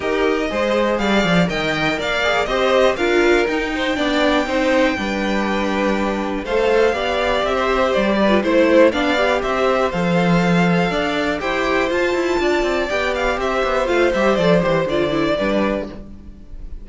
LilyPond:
<<
  \new Staff \with { instrumentName = "violin" } { \time 4/4 \tempo 4 = 121 dis''2 f''4 g''4 | f''4 dis''4 f''4 g''4~ | g''1~ | g''4 f''2 e''4 |
d''4 c''4 f''4 e''4 | f''2. g''4 | a''2 g''8 f''8 e''4 | f''8 e''8 d''8 c''8 d''2 | }
  \new Staff \with { instrumentName = "violin" } { \time 4/4 ais'4 c''4 d''4 dis''4 | d''4 c''4 ais'4. c''8 | d''4 c''4 b'2~ | b'4 c''4 d''4~ d''16 c''8.~ |
c''8 b'8 c''4 d''4 c''4~ | c''2 d''4 c''4~ | c''4 d''2 c''4~ | c''2. b'4 | }
  \new Staff \with { instrumentName = "viola" } { \time 4/4 g'4 gis'2 ais'4~ | ais'8 gis'8 g'4 f'4 dis'4 | d'4 dis'4 d'2~ | d'4 a'4 g'2~ |
g'8. f'16 e'4 d'8 g'4. | a'2. g'4 | f'2 g'2 | f'8 g'8 a'8 g'8 f'8 e'8 d'4 | }
  \new Staff \with { instrumentName = "cello" } { \time 4/4 dis'4 gis4 g8 f8 dis4 | ais4 c'4 d'4 dis'4 | b4 c'4 g2~ | g4 a4 b4 c'4 |
g4 a4 b4 c'4 | f2 d'4 e'4 | f'8 e'8 d'8 c'8 b4 c'8 b8 | a8 g8 f8 e8 d4 g4 | }
>>